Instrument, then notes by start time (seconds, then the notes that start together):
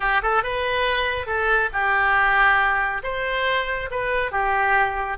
oboe
0.00 G4
0.22 A4
0.43 B4
1.26 A4
1.72 G4
3.03 C5
3.90 B4
4.31 G4